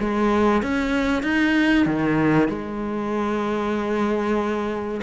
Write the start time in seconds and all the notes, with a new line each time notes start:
0.00 G#3
0.63 C#4
1.23 D#4
1.87 D#3
2.49 G#3